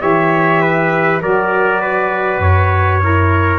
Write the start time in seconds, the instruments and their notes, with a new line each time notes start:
0.00 tuba E3, saxophone G4, trumpet C#5 E5
0.61 trumpet B4
1.22 tuba F#3, saxophone F#4, trumpet A#4 D5
1.81 trumpet B4
2.39 tuba F#2, trumpet C#5
3.01 saxophone E4, trumpet A#4